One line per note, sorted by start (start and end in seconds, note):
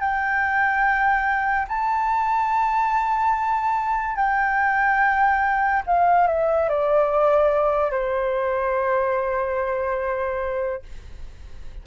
0.00 1.67 G5
1.68 4.16 A5
4.16 5.83 G5
5.87 6.27 F5
6.27 6.69 E5
6.69 7.91 D5
7.91 10.83 C5